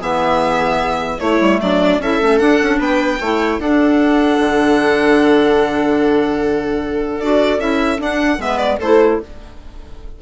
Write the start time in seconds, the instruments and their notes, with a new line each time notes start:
0.00 bassoon E3, clarinet B3, viola G#4, violin E5
1.20 clarinet A3, bassoon A3, viola E4, violin C#5
1.41 bassoon G3
1.62 bassoon F#3, viola D4, violin D5
1.99 bassoon C#4, clarinet E4, viola A4, violin E5
2.22 bassoon A3, clarinet C#4
2.39 clarinet D4, bassoon D4, violin F#5
2.62 bassoon C#4
2.79 bassoon B3, viola B4, violin G5
3.21 bassoon A3, clarinet E4, viola C#5
3.59 bassoon D4, clarinet D4, viola A4, violin F#5
4.39 bassoon D3
7.21 bassoon D4, clarinet F#4, violin D5
7.59 bassoon C#4, clarinet E4, violin E5
7.98 clarinet D4, bassoon D4, violin F#5
8.38 bassoon G#3, clarinet B3, viola B4, violin E5
8.58 violin D5
8.79 bassoon A3, clarinet E4, viola A4, violin C5